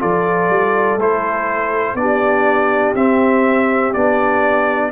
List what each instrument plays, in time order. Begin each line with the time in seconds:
0.00 tuba F3, trombone F4, horn A4, trumpet D5
0.49 tuba G3
0.98 tuba A3, trombone E4, trumpet C5
1.95 tuba B3, trombone D4, trumpet D5
2.01 horn G4
2.95 tuba C4, trombone C4, trumpet E5
3.93 tuba B3, trombone D4, trumpet D5